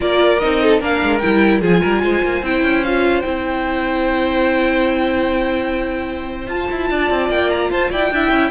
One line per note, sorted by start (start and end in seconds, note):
0.00 0.41 A#3
0.00 0.40 F4
0.00 0.62 A#4
0.00 0.39 D5
0.39 0.81 C4
0.39 0.80 D#4
0.39 0.79 D#5
0.62 0.79 A4
0.79 1.02 A#3
0.79 1.20 D4
0.79 1.60 A#4
0.79 1.18 F5
1.02 1.23 G#3
1.18 1.61 G3
1.18 1.62 E4
1.18 1.59 G5
1.60 1.82 F3
1.60 2.43 F4
1.60 1.81 G#4
1.60 2.45 G#5
1.81 2.02 G3
1.81 2.01 A#4
2.02 2.23 G#3
2.02 6.89 C5
2.23 2.42 A#3
2.42 2.62 C4
2.42 2.84 E4
2.42 2.84 G5
2.62 3.23 C#4
2.84 3.23 F4
2.84 3.21 F5
3.21 6.47 C4
3.21 6.47 E4
3.21 6.45 G5
6.47 6.67 F4
6.47 8.12 F4
6.47 7.30 A5
6.71 6.90 E4
6.89 7.10 D4
6.89 7.71 D5
7.10 7.29 C4
7.29 7.69 A#3
7.29 7.50 G5
7.50 7.70 A#5
7.70 7.90 F4
7.70 7.90 C5
7.70 7.91 A5
7.90 8.10 E4
7.90 8.10 D5
7.90 8.50 G5
8.10 8.30 D4
8.10 8.50 E4
8.10 8.50 E5
8.30 8.50 C#4